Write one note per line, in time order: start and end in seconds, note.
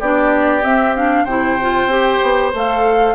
0.00 0.63 B3
0.00 0.62 D4
0.00 1.24 G4
0.00 0.64 D5
0.62 0.94 C4
0.62 1.25 C4
0.62 0.95 E5
0.96 1.27 D4
0.96 1.25 F5
1.24 1.86 C3
1.24 1.59 E4
1.24 3.14 C5
1.24 2.51 G5
1.61 1.89 F4
1.86 2.17 C4
1.86 2.52 G4
2.22 2.53 B3
2.53 3.15 A3
2.53 3.15 A4
2.53 3.15 F5